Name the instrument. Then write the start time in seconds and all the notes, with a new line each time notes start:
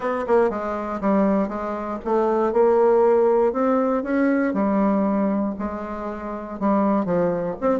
bassoon
0.00 B3
0.27 A#3
0.50 G#3
1.00 G3
1.48 G#3
2.04 A3
2.53 A#3
3.52 C4
4.03 C#4
4.53 G3
5.59 G#3
6.59 G3
7.05 F3
7.60 C4